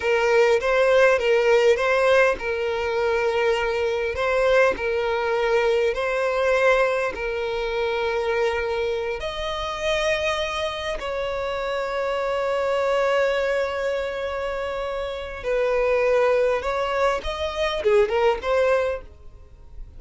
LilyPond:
\new Staff \with { instrumentName = "violin" } { \time 4/4 \tempo 4 = 101 ais'4 c''4 ais'4 c''4 | ais'2. c''4 | ais'2 c''2 | ais'2.~ ais'8 dis''8~ |
dis''2~ dis''8 cis''4.~ | cis''1~ | cis''2 b'2 | cis''4 dis''4 gis'8 ais'8 c''4 | }